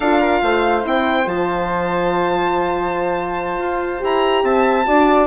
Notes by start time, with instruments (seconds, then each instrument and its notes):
0.00 bassoon D4, horn F4, flute A4, violin F5
0.20 flute A#4
0.42 bassoon A3, flute C5
0.82 bassoon C4, horn E4, violin G5
1.26 bassoon F3, horn F4, violin A5
3.58 bassoon F4
3.98 bassoon E4, horn G4, violin A#5
4.43 bassoon C4, flute E5, violin A5
4.85 bassoon D4, horn F#4, flute D5